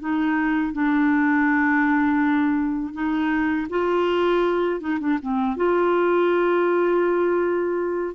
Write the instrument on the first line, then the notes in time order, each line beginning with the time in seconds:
clarinet
0.00 D#4
0.73 D4
2.93 D#4
3.70 F4
4.80 D#4
5.00 D4
5.22 C4
5.57 F4